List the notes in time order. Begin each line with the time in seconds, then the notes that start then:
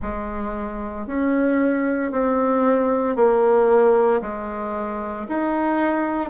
0.01 G#3
1.06 C#4
2.11 C4
3.16 A#3
4.21 G#3
5.28 D#4